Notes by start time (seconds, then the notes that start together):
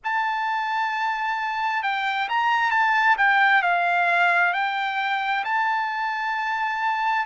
0.03 A5
1.82 G5
2.28 A#5
2.70 A5
3.17 G5
3.62 F5
4.53 G5
5.44 A5